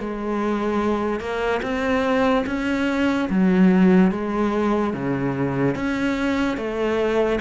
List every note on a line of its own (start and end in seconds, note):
0.00 1.20 G#3
1.20 1.61 A#3
1.63 2.45 C4
2.47 3.29 C#4
3.30 4.11 F#3
4.11 4.94 G#3
4.94 5.75 C#3
5.75 6.57 C#4
6.57 7.39 A3